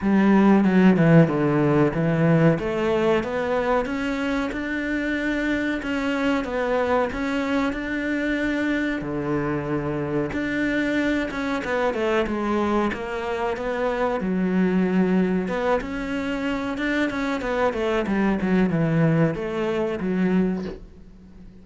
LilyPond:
\new Staff \with { instrumentName = "cello" } { \time 4/4 \tempo 4 = 93 g4 fis8 e8 d4 e4 | a4 b4 cis'4 d'4~ | d'4 cis'4 b4 cis'4 | d'2 d2 |
d'4. cis'8 b8 a8 gis4 | ais4 b4 fis2 | b8 cis'4. d'8 cis'8 b8 a8 | g8 fis8 e4 a4 fis4 | }